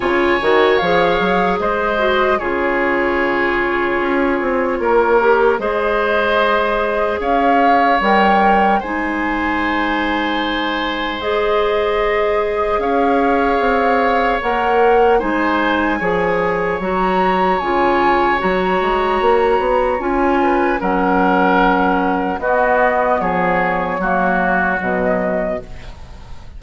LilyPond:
<<
  \new Staff \with { instrumentName = "flute" } { \time 4/4 \tempo 4 = 75 gis''4 f''4 dis''4 cis''4~ | cis''2. dis''4~ | dis''4 f''4 g''4 gis''4~ | gis''2 dis''2 |
f''2 fis''4 gis''4~ | gis''4 ais''4 gis''4 ais''4~ | ais''4 gis''4 fis''2 | dis''4 cis''2 dis''4 | }
  \new Staff \with { instrumentName = "oboe" } { \time 4/4 cis''2 c''4 gis'4~ | gis'2 ais'4 c''4~ | c''4 cis''2 c''4~ | c''1 |
cis''2. c''4 | cis''1~ | cis''4. b'8 ais'2 | fis'4 gis'4 fis'2 | }
  \new Staff \with { instrumentName = "clarinet" } { \time 4/4 f'8 fis'8 gis'4. fis'8 f'4~ | f'2~ f'8 g'8 gis'4~ | gis'2 ais'4 dis'4~ | dis'2 gis'2~ |
gis'2 ais'4 dis'4 | gis'4 fis'4 f'4 fis'4~ | fis'4 f'4 cis'2 | b2 ais4 fis4 | }
  \new Staff \with { instrumentName = "bassoon" } { \time 4/4 cis8 dis8 f8 fis8 gis4 cis4~ | cis4 cis'8 c'8 ais4 gis4~ | gis4 cis'4 g4 gis4~ | gis1 |
cis'4 c'4 ais4 gis4 | f4 fis4 cis4 fis8 gis8 | ais8 b8 cis'4 fis2 | b4 f4 fis4 b,4 | }
>>